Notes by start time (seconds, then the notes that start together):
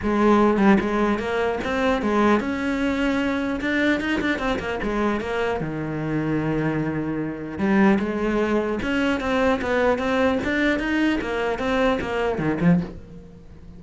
0.02 G#3
0.57 G3
0.80 G#3
1.19 A#3
1.64 C4
2.02 G#3
2.40 C#4
3.60 D4
4.00 D#4
4.21 D4
4.39 C4
4.59 A#3
4.82 G#3
5.20 A#3
5.60 D#3
7.58 G3
7.99 G#3
8.82 C#4
9.20 C4
9.61 B3
9.98 C4
10.43 D4
10.79 D#4
11.21 A#3
11.59 C4
12.01 A#3
12.38 D#3
12.60 F3